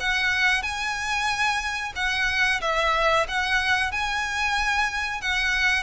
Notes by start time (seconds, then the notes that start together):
0.00 F#5
0.63 G#5
1.95 F#5
2.61 E5
3.28 F#5
3.92 G#5
5.21 F#5